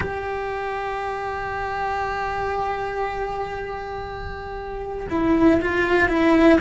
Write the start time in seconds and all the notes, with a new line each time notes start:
0.00 G4
5.09 E4
5.61 F4
6.08 E4